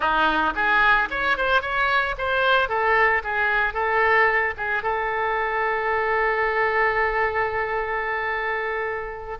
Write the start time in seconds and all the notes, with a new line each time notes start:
0.00 D#4
0.55 G#4
1.10 C#5
1.37 C5
1.61 C#5
2.17 C5
2.68 A4
3.23 G#4
3.73 A4
4.57 G#4
4.83 A4